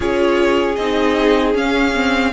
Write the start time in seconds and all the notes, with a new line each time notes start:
0.00 C#4 F4 G#4 C#5
0.75 C4 D#4 D#5
1.53 C#4 F5
1.94 C4